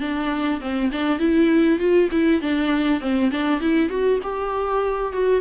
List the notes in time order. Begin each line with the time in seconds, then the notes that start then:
0.00 D4
0.61 C4
0.92 D4
1.19 E4
1.79 F4
2.11 E4
2.41 D4
3.01 C4
3.31 D4
3.61 E4
3.89 F#4
4.23 G4
5.13 F#4